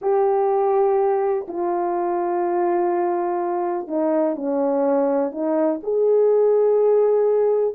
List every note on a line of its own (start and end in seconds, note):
0.01 1.46 G4
1.48 3.87 F4
3.87 4.35 D#4
4.35 5.31 C#4
5.31 5.80 D#4
5.83 7.74 G#4